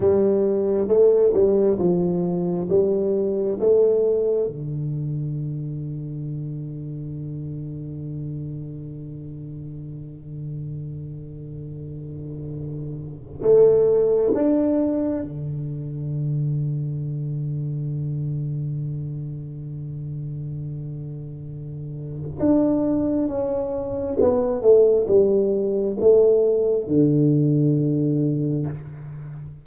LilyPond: \new Staff \with { instrumentName = "tuba" } { \time 4/4 \tempo 4 = 67 g4 a8 g8 f4 g4 | a4 d2.~ | d1~ | d2. a4 |
d'4 d2.~ | d1~ | d4 d'4 cis'4 b8 a8 | g4 a4 d2 | }